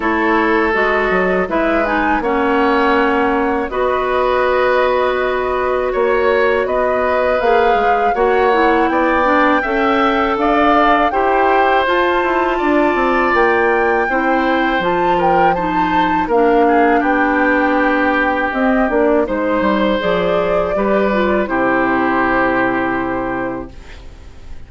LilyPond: <<
  \new Staff \with { instrumentName = "flute" } { \time 4/4 \tempo 4 = 81 cis''4 dis''4 e''8 gis''8 fis''4~ | fis''4 dis''2. | cis''4 dis''4 f''4 fis''4 | g''2 f''4 g''4 |
a''2 g''2 | a''8 g''8 a''4 f''4 g''4~ | g''4 dis''8 d''8 c''4 d''4~ | d''4 c''2. | }
  \new Staff \with { instrumentName = "oboe" } { \time 4/4 a'2 b'4 cis''4~ | cis''4 b'2. | cis''4 b'2 cis''4 | d''4 e''4 d''4 c''4~ |
c''4 d''2 c''4~ | c''8 ais'8 c''4 ais'8 gis'8 g'4~ | g'2 c''2 | b'4 g'2. | }
  \new Staff \with { instrumentName = "clarinet" } { \time 4/4 e'4 fis'4 e'8 dis'8 cis'4~ | cis'4 fis'2.~ | fis'2 gis'4 fis'8 e'8~ | e'8 d'8 a'2 g'4 |
f'2. e'4 | f'4 dis'4 d'2~ | d'4 c'8 d'8 dis'4 gis'4 | g'8 f'8 e'2. | }
  \new Staff \with { instrumentName = "bassoon" } { \time 4/4 a4 gis8 fis8 gis4 ais4~ | ais4 b2. | ais4 b4 ais8 gis8 ais4 | b4 cis'4 d'4 e'4 |
f'8 e'8 d'8 c'8 ais4 c'4 | f2 ais4 b4~ | b4 c'8 ais8 gis8 g8 f4 | g4 c2. | }
>>